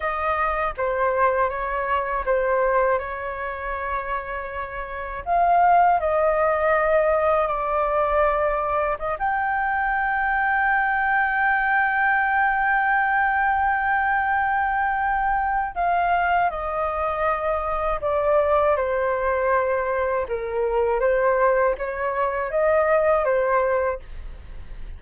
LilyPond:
\new Staff \with { instrumentName = "flute" } { \time 4/4 \tempo 4 = 80 dis''4 c''4 cis''4 c''4 | cis''2. f''4 | dis''2 d''2 | dis''16 g''2.~ g''8.~ |
g''1~ | g''4 f''4 dis''2 | d''4 c''2 ais'4 | c''4 cis''4 dis''4 c''4 | }